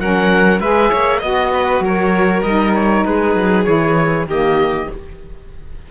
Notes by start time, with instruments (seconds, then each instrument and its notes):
0.00 cello F#3, saxophone C#4, violin A#4, oboe F#5
0.60 cello G#3, saxophone G#4, violin B4, oboe E5
0.91 cello A#3, violin C#5
1.20 cello B3, saxophone F#4, violin D#5, oboe D#5
1.54 violin B4
1.81 cello F#3, violin A#4
1.87 oboe C#5
2.43 cello G3, saxophone D#4, oboe D#5
2.75 oboe C#5
3.06 cello G#3, violin G#4, oboe B4
3.36 cello F#3
3.65 cello E3, saxophone E4, oboe C#5
4.27 cello D#3, saxophone A#3, violin G4, oboe D#5